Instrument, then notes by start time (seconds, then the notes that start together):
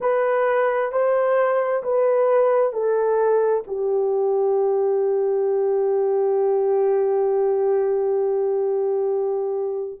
horn
0.00 B4
0.92 C5
1.83 B4
2.72 A4
3.67 G4